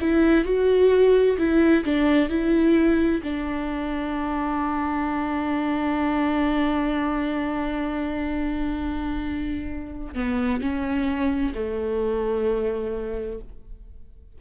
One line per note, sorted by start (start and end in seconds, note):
0.00 0.44 E4
0.44 1.36 F#4
1.38 1.84 E4
1.84 2.29 D4
2.29 3.21 E4
3.23 10.15 D4
10.15 10.61 B3
10.61 11.53 C#4
11.54 13.38 A3